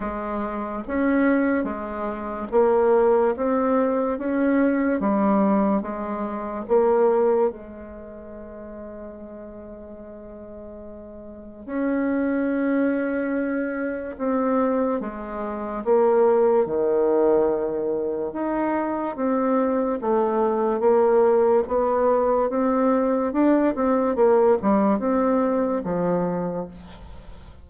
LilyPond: \new Staff \with { instrumentName = "bassoon" } { \time 4/4 \tempo 4 = 72 gis4 cis'4 gis4 ais4 | c'4 cis'4 g4 gis4 | ais4 gis2.~ | gis2 cis'2~ |
cis'4 c'4 gis4 ais4 | dis2 dis'4 c'4 | a4 ais4 b4 c'4 | d'8 c'8 ais8 g8 c'4 f4 | }